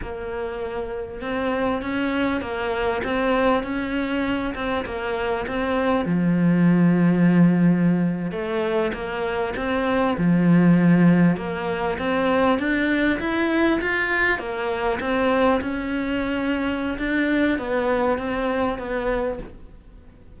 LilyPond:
\new Staff \with { instrumentName = "cello" } { \time 4/4 \tempo 4 = 99 ais2 c'4 cis'4 | ais4 c'4 cis'4. c'8 | ais4 c'4 f2~ | f4.~ f16 a4 ais4 c'16~ |
c'8. f2 ais4 c'16~ | c'8. d'4 e'4 f'4 ais16~ | ais8. c'4 cis'2~ cis'16 | d'4 b4 c'4 b4 | }